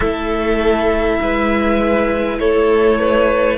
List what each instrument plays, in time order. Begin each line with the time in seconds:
0.00 cello A3, viola E4, violin A4 E5
1.20 cello G#3, violin B4
2.39 cello A3, violin A4 C#5
2.99 violin B4